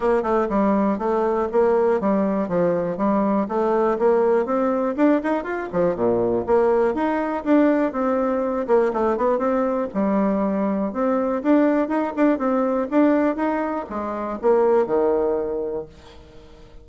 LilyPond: \new Staff \with { instrumentName = "bassoon" } { \time 4/4 \tempo 4 = 121 ais8 a8 g4 a4 ais4 | g4 f4 g4 a4 | ais4 c'4 d'8 dis'8 f'8 f8 | ais,4 ais4 dis'4 d'4 |
c'4. ais8 a8 b8 c'4 | g2 c'4 d'4 | dis'8 d'8 c'4 d'4 dis'4 | gis4 ais4 dis2 | }